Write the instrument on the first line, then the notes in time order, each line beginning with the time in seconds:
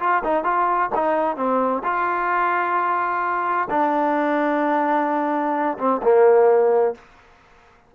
trombone
0.00 F4
0.24 D#4
0.44 F4
0.95 D#4
1.36 C4
1.84 F4
3.70 D4
5.78 C4
6.03 A#3